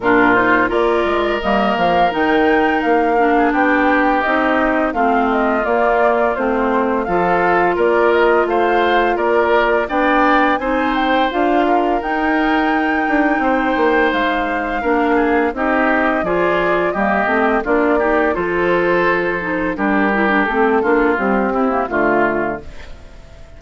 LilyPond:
<<
  \new Staff \with { instrumentName = "flute" } { \time 4/4 \tempo 4 = 85 ais'8 c''8 d''4 dis''8 f''8 g''4 | f''4 g''4 dis''4 f''8 dis''8 | d''4 c''4 f''4 d''8 dis''8 | f''4 d''4 g''4 gis''8 g''8 |
f''4 g''2. | f''2 dis''4 d''4 | dis''4 d''4 c''2 | ais'4 a'4 g'4 f'4 | }
  \new Staff \with { instrumentName = "oboe" } { \time 4/4 f'4 ais'2.~ | ais'8. gis'16 g'2 f'4~ | f'2 a'4 ais'4 | c''4 ais'4 d''4 c''4~ |
c''8 ais'2~ ais'8 c''4~ | c''4 ais'8 gis'8 g'4 gis'4 | g'4 f'8 g'8 a'2 | g'4. f'4 e'8 f'4 | }
  \new Staff \with { instrumentName = "clarinet" } { \time 4/4 d'8 dis'8 f'4 ais4 dis'4~ | dis'8 d'4. dis'4 c'4 | ais4 c'4 f'2~ | f'2 d'4 dis'4 |
f'4 dis'2.~ | dis'4 d'4 dis'4 f'4 | ais8 c'8 d'8 dis'8 f'4. dis'8 | d'8 e'16 d'16 c'8 d'8 g8 c'16 ais16 a4 | }
  \new Staff \with { instrumentName = "bassoon" } { \time 4/4 ais,4 ais8 gis8 g8 f8 dis4 | ais4 b4 c'4 a4 | ais4 a4 f4 ais4 | a4 ais4 b4 c'4 |
d'4 dis'4. d'8 c'8 ais8 | gis4 ais4 c'4 f4 | g8 a8 ais4 f2 | g4 a8 ais8 c'4 d4 | }
>>